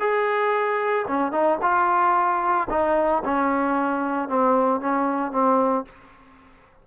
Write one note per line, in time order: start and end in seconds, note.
0.00 1.06 G#4
1.08 1.32 C#4
1.32 1.58 D#4
1.62 2.68 F4
2.70 3.23 D#4
3.25 4.29 C#4
4.29 4.81 C4
4.81 5.32 C#4
5.32 5.85 C4